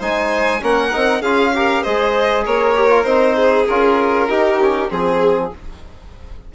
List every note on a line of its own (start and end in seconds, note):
0.00 0.62 G#3
0.00 0.61 D#4
0.00 0.61 C5
0.00 0.64 G#5
0.61 0.93 A#3
0.61 0.92 C#4
0.61 1.22 A#4
0.61 1.22 F#5
0.93 1.21 C4
0.93 1.24 D#4
1.21 1.82 C#4
1.21 1.55 F4
1.21 1.53 G#4
1.21 1.84 F5
1.55 1.86 G4
1.55 1.83 A#4
1.83 2.47 G#3
1.83 2.76 G#4
1.83 2.45 C5
1.83 2.45 D#5
2.45 3.05 A#3
2.45 3.36 A#4
2.45 3.04 C#5
2.76 2.90 G4
2.90 3.05 F4
3.04 3.66 C4
3.04 3.67 D#4
3.04 3.65 C5
3.36 4.28 G#4
3.68 4.30 C#4
3.68 4.29 F4
3.68 4.90 A#4
4.29 4.60 D#4
4.29 4.91 D#4
4.29 4.91 G4
4.61 4.90 C#4
4.90 5.53 F3
4.90 5.51 C4
4.90 5.53 G#4
4.90 5.55 G#4